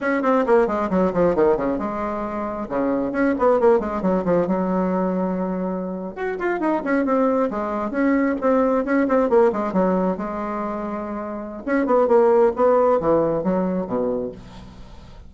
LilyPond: \new Staff \with { instrumentName = "bassoon" } { \time 4/4 \tempo 4 = 134 cis'8 c'8 ais8 gis8 fis8 f8 dis8 cis8 | gis2 cis4 cis'8 b8 | ais8 gis8 fis8 f8 fis2~ | fis4.~ fis16 fis'8 f'8 dis'8 cis'8 c'16~ |
c'8. gis4 cis'4 c'4 cis'16~ | cis'16 c'8 ais8 gis8 fis4 gis4~ gis16~ | gis2 cis'8 b8 ais4 | b4 e4 fis4 b,4 | }